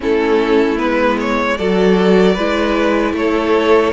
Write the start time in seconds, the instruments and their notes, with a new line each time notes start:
0.00 cello A3, viola C#4, violin E4 A4
0.77 cello G#3, viola B3, violin B4
1.20 violin C#5
1.57 cello F#3, viola F#4, violin A4 D5
2.34 cello G#3, viola E4, violin B4
3.13 cello A3, violin A4 C#5